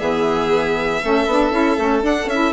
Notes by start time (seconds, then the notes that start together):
0.00 E3 B3 G#4 E5
1.03 A3 C#4 A4
1.27 B3 D4
1.52 C#4 E4
1.79 A3 C#4
2.02 D4 F#5
2.26 C#4 E4 E5